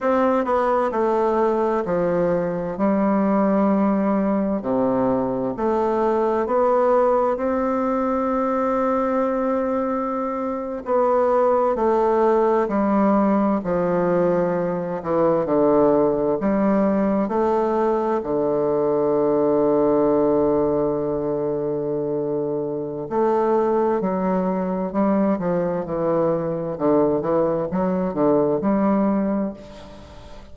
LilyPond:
\new Staff \with { instrumentName = "bassoon" } { \time 4/4 \tempo 4 = 65 c'8 b8 a4 f4 g4~ | g4 c4 a4 b4 | c'2.~ c'8. b16~ | b8. a4 g4 f4~ f16~ |
f16 e8 d4 g4 a4 d16~ | d1~ | d4 a4 fis4 g8 f8 | e4 d8 e8 fis8 d8 g4 | }